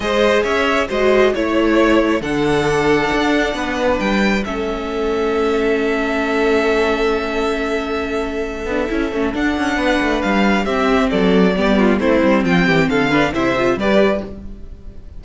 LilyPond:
<<
  \new Staff \with { instrumentName = "violin" } { \time 4/4 \tempo 4 = 135 dis''4 e''4 dis''4 cis''4~ | cis''4 fis''2.~ | fis''4 g''4 e''2~ | e''1~ |
e''1~ | e''4 fis''2 f''4 | e''4 d''2 c''4 | g''4 f''4 e''4 d''4 | }
  \new Staff \with { instrumentName = "violin" } { \time 4/4 c''4 cis''4 c''4 cis''4~ | cis''4 a'2. | b'2 a'2~ | a'1~ |
a'1~ | a'2 b'2 | g'4 a'4 g'8 f'8 e'4 | f'8 g'8 a'8 b'8 c''4 b'4 | }
  \new Staff \with { instrumentName = "viola" } { \time 4/4 gis'2 fis'4 e'4~ | e'4 d'2.~ | d'2 cis'2~ | cis'1~ |
cis'2.~ cis'8 d'8 | e'8 cis'8 d'2. | c'2 b4 c'4~ | c'4. d'8 e'8 f'8 g'4 | }
  \new Staff \with { instrumentName = "cello" } { \time 4/4 gis4 cis'4 gis4 a4~ | a4 d2 d'4 | b4 g4 a2~ | a1~ |
a2.~ a8 b8 | cis'8 a8 d'8 cis'8 b8 a8 g4 | c'4 fis4 g4 a8 g8 | f8 e8 d4 c4 g4 | }
>>